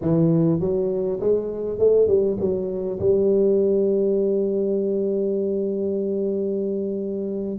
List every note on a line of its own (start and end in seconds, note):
0.01 0.60 E3
0.60 1.19 F#3
1.19 1.78 G#3
1.78 2.07 A3
2.07 2.37 G3
2.40 2.99 F#3
2.99 7.58 G3